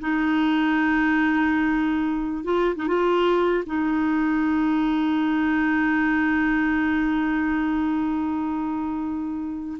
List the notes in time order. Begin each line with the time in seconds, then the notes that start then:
0.00 D#4
2.44 F4
2.76 D#4
2.87 F4
3.66 D#4